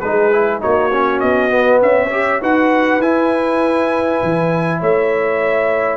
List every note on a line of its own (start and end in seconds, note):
0.00 0.64 G#3
0.00 0.32 D#4
0.00 0.60 G#4
0.00 0.60 B4
0.32 0.61 E4
0.60 1.23 A#3
0.60 0.91 D#4
0.60 1.80 F#4
0.60 1.20 C#5
0.93 1.51 C#4
1.20 1.82 B3
1.20 1.80 D#5
1.51 2.10 B3
1.82 2.42 C#4
1.82 2.42 C#5
1.82 2.42 E5
2.11 2.41 G4
2.41 2.99 D#4
2.41 3.01 F#4
2.41 4.80 B4
2.41 3.02 F#5
2.99 4.19 E4
2.99 5.98 E4
2.99 4.82 G#5
4.23 4.82 E3
4.80 5.98 A3
4.80 5.98 C#5
4.80 5.98 E5